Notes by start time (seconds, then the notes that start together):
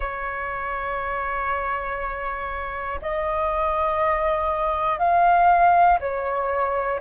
0.00 C#5
3.01 D#5
4.99 F5
6.00 C#5